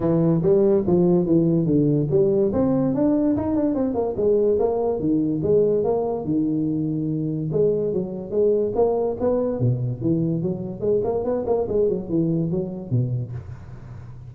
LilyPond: \new Staff \with { instrumentName = "tuba" } { \time 4/4 \tempo 4 = 144 e4 g4 f4 e4 | d4 g4 c'4 d'4 | dis'8 d'8 c'8 ais8 gis4 ais4 | dis4 gis4 ais4 dis4~ |
dis2 gis4 fis4 | gis4 ais4 b4 b,4 | e4 fis4 gis8 ais8 b8 ais8 | gis8 fis8 e4 fis4 b,4 | }